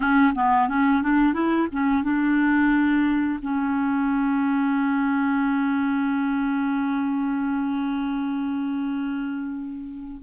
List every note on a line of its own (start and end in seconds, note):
0.00 0.33 C#4
0.34 0.68 B3
0.68 1.02 C#4
1.02 1.33 D4
1.33 1.67 E4
1.71 2.03 C#4
2.03 3.39 D4
3.42 10.22 C#4